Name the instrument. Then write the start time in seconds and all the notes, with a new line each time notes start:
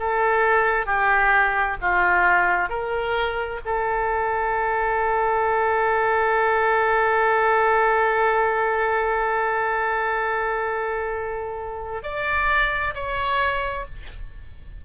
oboe
0.00 A4
0.86 G4
1.81 F4
2.70 A#4
3.66 A4
12.03 D5
12.95 C#5